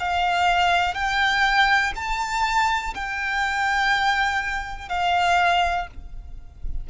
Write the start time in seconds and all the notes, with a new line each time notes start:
0.00 F5
0.95 G5
1.96 A5
2.95 G5
4.90 F5